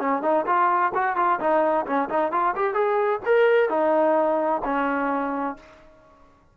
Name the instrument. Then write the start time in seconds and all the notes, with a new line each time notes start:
trombone
0.00 C#4
0.23 D#4
0.47 F4
0.95 F#4
1.16 F4
1.40 D#4
1.87 C#4
2.10 D#4
2.32 F4
2.56 G4
2.74 G#4
3.26 A#4
3.70 D#4
4.64 C#4